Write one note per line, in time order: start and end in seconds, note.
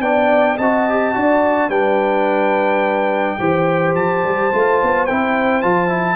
0.00 0.56 B3
0.00 0.58 D4
0.00 0.57 D5
0.00 0.57 G5
0.57 1.14 C4
0.57 0.89 F#4
0.57 1.13 D#5
0.57 1.69 A5
0.89 1.14 G4
1.14 1.68 D4
1.14 1.70 F#4
1.14 1.69 D5
1.68 3.36 G3
1.68 3.39 D4
1.68 3.37 B4
1.68 3.94 G5
3.39 3.94 E3
3.39 4.51 G4
3.39 6.16 C5
3.94 4.22 F3
3.94 5.06 A5
4.23 4.51 G3
4.52 4.81 A3
4.52 5.08 F4
4.82 5.09 B3
5.06 5.63 C4
5.06 5.62 E4
5.06 5.62 G5
5.62 6.16 F3
5.62 5.88 F4
5.62 6.16 A5
5.88 6.16 E4